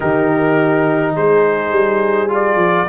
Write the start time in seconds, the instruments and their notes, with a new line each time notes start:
0.00 tuba D#3, trombone D#4, horn G4, trumpet A#4
1.15 tuba G#3, horn G#4, trumpet C5
1.70 tuba G3
2.28 trombone F4, trumpet D5
2.56 tuba F3